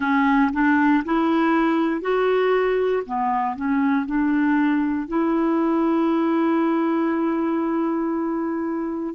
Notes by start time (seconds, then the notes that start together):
0.00 C#4
0.52 D4
1.04 E4
2.01 F#4
3.06 B3
3.56 C#4
4.06 D4
5.08 E4